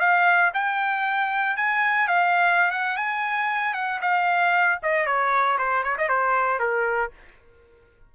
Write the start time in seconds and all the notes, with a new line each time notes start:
0.00 F5
0.54 G5
1.57 G#5
2.08 F5
2.72 F#5
2.97 G#5
3.74 F#5
4.02 F5
4.83 D#5
5.06 C#5
5.59 C5
5.84 C#5
5.98 D#5
6.09 C5
6.59 A#4